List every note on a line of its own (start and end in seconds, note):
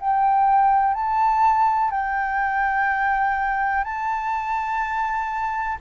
0.00 0.95 G5
0.95 1.91 A5
1.91 3.84 G5
3.84 5.78 A5